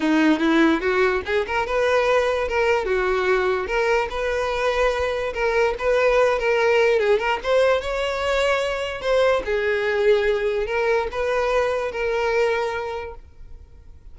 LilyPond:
\new Staff \with { instrumentName = "violin" } { \time 4/4 \tempo 4 = 146 dis'4 e'4 fis'4 gis'8 ais'8 | b'2 ais'4 fis'4~ | fis'4 ais'4 b'2~ | b'4 ais'4 b'4. ais'8~ |
ais'4 gis'8 ais'8 c''4 cis''4~ | cis''2 c''4 gis'4~ | gis'2 ais'4 b'4~ | b'4 ais'2. | }